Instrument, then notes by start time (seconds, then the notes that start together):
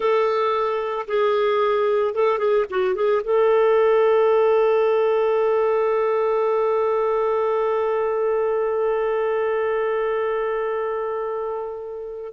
clarinet
0.00 A4
1.07 G#4
2.14 A4
2.38 G#4
2.70 F#4
2.95 G#4
3.23 A4